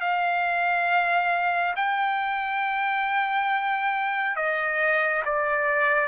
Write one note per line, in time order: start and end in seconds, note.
0.00 1.74 F5
1.75 4.36 G5
4.36 5.23 D#5
5.25 6.08 D5